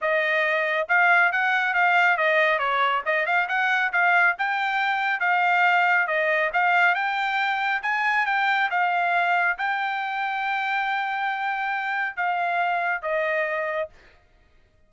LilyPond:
\new Staff \with { instrumentName = "trumpet" } { \time 4/4 \tempo 4 = 138 dis''2 f''4 fis''4 | f''4 dis''4 cis''4 dis''8 f''8 | fis''4 f''4 g''2 | f''2 dis''4 f''4 |
g''2 gis''4 g''4 | f''2 g''2~ | g''1 | f''2 dis''2 | }